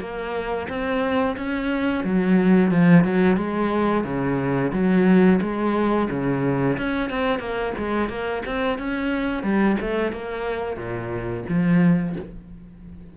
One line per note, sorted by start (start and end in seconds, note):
0.00 0.67 A#3
0.69 1.37 C4
1.37 2.04 C#4
2.04 2.71 F#3
2.71 3.05 F3
3.05 3.37 F#3
3.37 4.04 G#3
4.04 4.72 C#3
4.73 5.40 F#3
5.41 6.09 G#3
6.10 6.78 C#3
6.78 7.10 C#4
7.10 7.40 C4
7.40 7.73 A#3
7.78 8.09 G#3
8.09 8.43 A#3
8.46 8.79 C4
8.79 9.43 C#4
9.43 9.77 G3
9.81 10.12 A3
10.12 10.77 A#3
10.77 11.44 A#2
11.49 12.16 F3